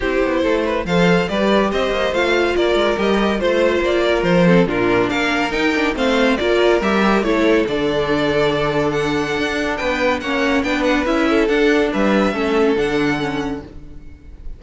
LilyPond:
<<
  \new Staff \with { instrumentName = "violin" } { \time 4/4 \tempo 4 = 141 c''2 f''4 d''4 | dis''4 f''4 d''4 dis''4 | c''4 d''4 c''4 ais'4 | f''4 g''4 f''4 d''4 |
e''4 cis''4 d''2~ | d''4 fis''2 g''4 | fis''4 g''8 fis''8 e''4 fis''4 | e''2 fis''2 | }
  \new Staff \with { instrumentName = "violin" } { \time 4/4 g'4 a'8 b'8 c''4 b'4 | c''2 ais'2 | c''4. ais'4 a'8 f'4 | ais'2 c''4 ais'4~ |
ais'4 a'2.~ | a'2. b'4 | cis''4 b'4. a'4. | b'4 a'2. | }
  \new Staff \with { instrumentName = "viola" } { \time 4/4 e'2 a'4 g'4~ | g'4 f'2 g'4 | f'2~ f'8 c'8 d'4~ | d'4 dis'8 d'8 c'4 f'4 |
g'4 e'4 d'2~ | d'1 | cis'4 d'4 e'4 d'4~ | d'4 cis'4 d'4 cis'4 | }
  \new Staff \with { instrumentName = "cello" } { \time 4/4 c'8 b8 a4 f4 g4 | c'8 ais8 a4 ais8 gis8 g4 | a4 ais4 f4 ais,4 | ais4 dis'4 a4 ais4 |
g4 a4 d2~ | d2 d'4 b4 | ais4 b4 cis'4 d'4 | g4 a4 d2 | }
>>